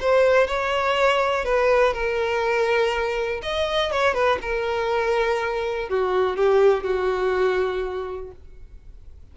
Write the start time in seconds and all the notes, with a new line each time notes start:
0.00 C5
0.47 C#5
1.44 B4
1.93 A#4
3.42 D#5
3.91 C#5
4.14 B4
4.41 A#4
5.89 F#4
6.36 G4
6.83 F#4